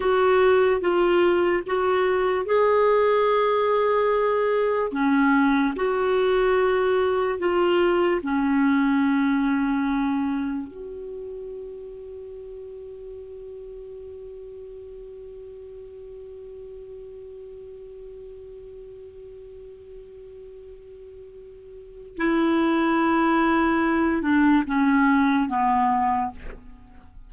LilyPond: \new Staff \with { instrumentName = "clarinet" } { \time 4/4 \tempo 4 = 73 fis'4 f'4 fis'4 gis'4~ | gis'2 cis'4 fis'4~ | fis'4 f'4 cis'2~ | cis'4 fis'2.~ |
fis'1~ | fis'1~ | fis'2. e'4~ | e'4. d'8 cis'4 b4 | }